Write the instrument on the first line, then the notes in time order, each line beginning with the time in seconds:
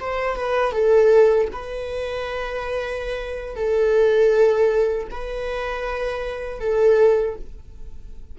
viola
0.00 C5
0.36 B4
0.72 A4
1.52 B4
3.56 A4
5.11 B4
6.60 A4